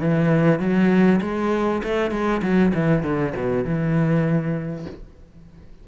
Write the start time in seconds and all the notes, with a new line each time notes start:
0.00 E3
0.60 F#3
1.21 G#3
1.83 A3
2.11 G#3
2.42 F#3
2.74 E3
3.03 D3
3.36 B2
3.65 E3